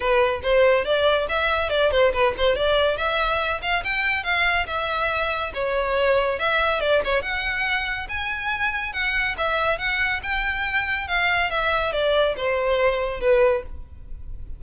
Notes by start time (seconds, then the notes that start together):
0.00 B4
0.42 C5
0.84 D5
1.29 E5
1.69 D5
1.91 C5
2.13 B4
2.37 C5
2.55 D5
2.97 E5
3.62 F5
3.84 G5
4.23 F5
4.67 E5
5.54 C#5
6.39 E5
6.80 D5
7.04 C#5
7.21 F#5
8.08 G#5
8.92 F#5
9.37 E5
9.78 F#5
10.22 G5
11.07 F5
11.50 E5
11.92 D5
12.36 C5
13.20 B4